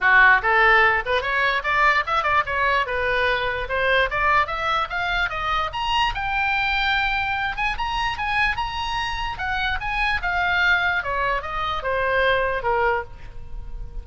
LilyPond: \new Staff \with { instrumentName = "oboe" } { \time 4/4 \tempo 4 = 147 fis'4 a'4. b'8 cis''4 | d''4 e''8 d''8 cis''4 b'4~ | b'4 c''4 d''4 e''4 | f''4 dis''4 ais''4 g''4~ |
g''2~ g''8 gis''8 ais''4 | gis''4 ais''2 fis''4 | gis''4 f''2 cis''4 | dis''4 c''2 ais'4 | }